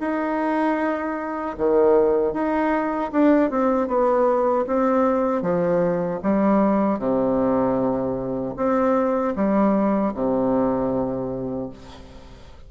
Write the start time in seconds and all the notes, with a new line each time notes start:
0.00 D#4
1.58 D#3
2.33 D#4
3.12 D4
3.50 C4
3.87 B3
4.66 C4
5.42 F3
6.22 G3
6.99 C3
8.56 C4
9.36 G3
10.14 C3